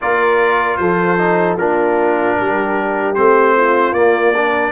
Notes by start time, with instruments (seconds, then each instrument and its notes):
0.01 tuba A#3, trombone F4, horn A#4, trumpet D5
0.76 tuba F3, horn A4, trumpet C5
1.18 trombone D#4
1.57 tuba A#3, trombone D4, horn F4, trumpet A#4
2.38 tuba G3, horn G4
3.14 tuba A3, trombone C4, trumpet C5
3.56 horn F4
3.92 tuba A#3, trombone A#3, trumpet D5
4.35 trombone D4, horn A#4